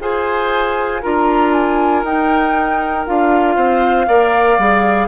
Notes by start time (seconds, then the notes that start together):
0.00 F4 G#4 C5 G#5
1.02 D4 F4 A#4 A#5
1.53 G#5
2.03 D#4 G5
3.06 D4 F4 F5
3.55 C4 C5
4.07 A#3 A#4 D5
4.58 G3 G#4